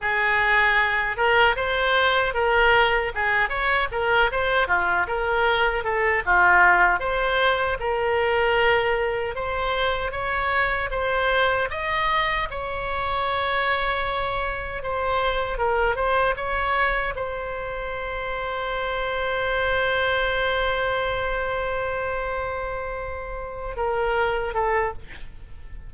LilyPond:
\new Staff \with { instrumentName = "oboe" } { \time 4/4 \tempo 4 = 77 gis'4. ais'8 c''4 ais'4 | gis'8 cis''8 ais'8 c''8 f'8 ais'4 a'8 | f'4 c''4 ais'2 | c''4 cis''4 c''4 dis''4 |
cis''2. c''4 | ais'8 c''8 cis''4 c''2~ | c''1~ | c''2~ c''8 ais'4 a'8 | }